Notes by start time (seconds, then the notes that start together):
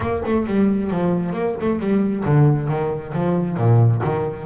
0.00 A#3
0.25 A3
0.46 G3
0.90 F3
1.32 A#3
1.60 A3
1.79 G3
2.24 D3
2.68 D#3
3.13 F3
3.57 A#2
4.03 D#3